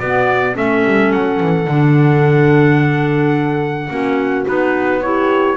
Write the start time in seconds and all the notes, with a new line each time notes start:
0.00 B3 F#4 D5
0.54 A3 C#4 A4 E5
0.86 G3
1.12 F#3 F#5
1.40 E3
1.67 D3 D4
3.90 A#3 C#4 F#4
4.46 B3 D#4 B4
5.02 E4 G4 C#5